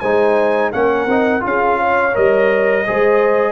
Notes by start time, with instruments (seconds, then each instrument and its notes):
0.00 tuba G#3, trombone D#4, horn C5, trumpet G#5
0.72 tuba A#3, trombone C#4, horn A#4, trumpet F#5
1.06 tuba C4, trombone D#4
1.40 tuba C#4, trombone F4, trumpet F5
1.47 horn G#4
1.79 horn C#5
2.14 tuba G3, trombone A#4, trumpet D#5
2.86 tuba G#3, trombone G#4, horn C5